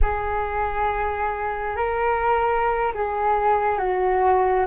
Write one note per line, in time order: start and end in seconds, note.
0.01 1.76 G#4
1.76 2.93 A#4
2.94 3.78 G#4
3.78 4.65 F#4